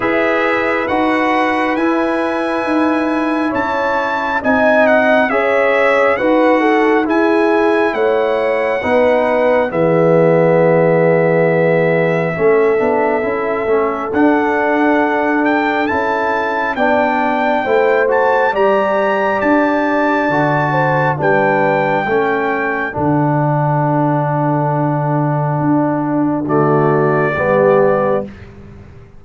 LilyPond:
<<
  \new Staff \with { instrumentName = "trumpet" } { \time 4/4 \tempo 4 = 68 e''4 fis''4 gis''2 | a''4 gis''8 fis''8 e''4 fis''4 | gis''4 fis''2 e''4~ | e''1 |
fis''4. g''8 a''4 g''4~ | g''8 a''8 ais''4 a''2 | g''2 fis''2~ | fis''2 d''2 | }
  \new Staff \with { instrumentName = "horn" } { \time 4/4 b'1 | cis''4 dis''4 cis''4 b'8 a'8 | gis'4 cis''4 b'4 gis'4~ | gis'2 a'2~ |
a'2. d''4 | c''4 d''2~ d''8 c''8 | b'4 a'2.~ | a'2 fis'4 g'4 | }
  \new Staff \with { instrumentName = "trombone" } { \time 4/4 gis'4 fis'4 e'2~ | e'4 dis'4 gis'4 fis'4 | e'2 dis'4 b4~ | b2 cis'8 d'8 e'8 cis'8 |
d'2 e'4 d'4 | e'8 fis'8 g'2 fis'4 | d'4 cis'4 d'2~ | d'2 a4 b4 | }
  \new Staff \with { instrumentName = "tuba" } { \time 4/4 e'4 dis'4 e'4 dis'4 | cis'4 c'4 cis'4 dis'4 | e'4 a4 b4 e4~ | e2 a8 b8 cis'8 a8 |
d'2 cis'4 b4 | a4 g4 d'4 d4 | g4 a4 d2~ | d4 d'4 d4 g4 | }
>>